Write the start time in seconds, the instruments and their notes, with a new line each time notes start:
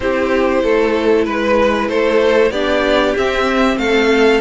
0.00 cello C4, viola E4, violin G4 C5
0.63 cello A3, violin A4
1.24 cello G#3, violin B4
1.89 cello A3, violin A4 C5
2.50 cello B3, viola D4, violin G4 D5
3.16 viola C4, cello C4, violin E5
3.77 cello A3, violin A4 F5